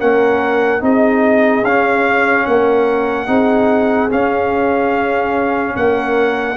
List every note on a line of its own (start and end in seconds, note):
0.00 0.82 A#3
0.00 0.80 C#4
0.00 0.82 A#4
0.00 0.82 F#5
0.80 1.63 C4
0.80 1.63 D#4
0.80 2.47 G#4
0.80 1.65 D#5
1.63 2.45 C#4
1.63 3.27 C#4
1.63 2.46 F5
2.46 3.28 A#3
2.46 3.28 A#4
2.46 4.10 F#5
3.27 4.10 C4
3.27 4.09 D#4
3.27 5.74 G#4
4.09 6.56 C#4
4.09 5.76 C#4
4.09 5.76 F5
5.76 6.57 A#3
5.76 6.57 A#4
5.76 6.57 F#5